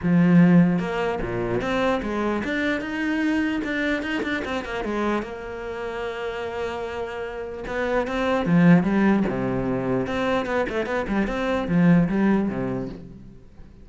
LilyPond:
\new Staff \with { instrumentName = "cello" } { \time 4/4 \tempo 4 = 149 f2 ais4 ais,4 | c'4 gis4 d'4 dis'4~ | dis'4 d'4 dis'8 d'8 c'8 ais8 | gis4 ais2.~ |
ais2. b4 | c'4 f4 g4 c4~ | c4 c'4 b8 a8 b8 g8 | c'4 f4 g4 c4 | }